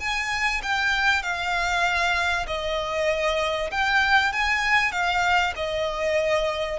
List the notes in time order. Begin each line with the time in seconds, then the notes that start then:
0.00 G#5
0.63 G5
1.23 F5
2.47 D#5
3.71 G5
4.33 G#5
4.92 F5
5.56 D#5